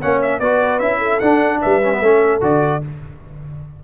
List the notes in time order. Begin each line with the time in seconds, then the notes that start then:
0.00 A#3 C#4 C#5 F#5
0.22 E5
0.40 B3 F#4 B4 D5
0.80 C#4 E4 E5
0.99 A4
1.20 D4 F#5
1.61 G3 B4 E5
1.83 C#4
1.93 B3
2.02 A3 C#4 A4
2.41 D3 F#4 D5